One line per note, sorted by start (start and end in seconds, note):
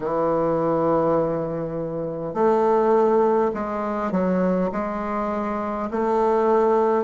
0.00 2.34 E3
2.34 3.51 A3
3.53 4.11 G#3
4.11 4.70 F#3
4.72 5.89 G#3
5.90 7.04 A3